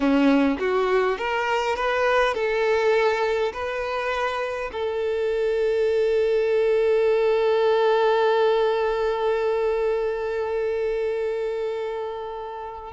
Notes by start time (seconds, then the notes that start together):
0.00 C#4
0.59 F#4
1.18 A#4
1.76 B4
2.34 A4
3.53 B4
4.72 A4